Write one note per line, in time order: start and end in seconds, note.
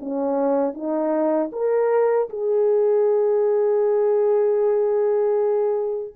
0.00 0.74 C#4
0.74 1.51 D#4
1.52 2.29 A#4
2.30 6.14 G#4